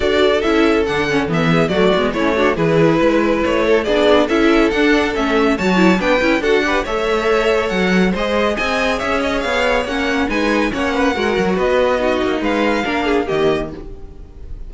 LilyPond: <<
  \new Staff \with { instrumentName = "violin" } { \time 4/4 \tempo 4 = 140 d''4 e''4 fis''4 e''4 | d''4 cis''4 b'2 | cis''4 d''4 e''4 fis''4 | e''4 a''4 g''4 fis''4 |
e''2 fis''4 dis''4 | gis''4 e''8 dis''8 f''4 fis''4 | gis''4 fis''2 dis''4~ | dis''4 f''2 dis''4 | }
  \new Staff \with { instrumentName = "violin" } { \time 4/4 a'2.~ a'8 gis'8 | fis'4 e'8 fis'8 gis'4 b'4~ | b'8 a'8 gis'4 a'2~ | a'4 cis''4 b'4 a'8 b'8 |
cis''2. c''4 | dis''4 cis''2. | b'4 cis''8 b'8 ais'4 b'4 | fis'4 b'4 ais'8 gis'8 g'4 | }
  \new Staff \with { instrumentName = "viola" } { \time 4/4 fis'4 e'4 d'8 cis'8 b4 | a8 b8 cis'8 d'8 e'2~ | e'4 d'4 e'4 d'4 | cis'4 fis'8 e'8 d'8 e'8 fis'8 g'8 |
a'2. gis'4~ | gis'2. cis'4 | dis'4 cis'4 fis'2 | dis'2 d'4 ais4 | }
  \new Staff \with { instrumentName = "cello" } { \time 4/4 d'4 cis'4 d4 e4 | fis8 gis8 a4 e4 gis4 | a4 b4 cis'4 d'4 | a4 fis4 b8 cis'8 d'4 |
a2 fis4 gis4 | c'4 cis'4 b4 ais4 | gis4 ais4 gis8 fis8 b4~ | b8 ais8 gis4 ais4 dis4 | }
>>